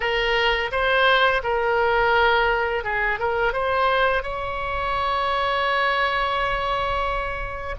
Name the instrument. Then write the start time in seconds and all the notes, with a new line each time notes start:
oboe
0.00 A#4
0.71 C5
1.43 A#4
2.84 G#4
3.19 A#4
3.52 C5
4.22 C#5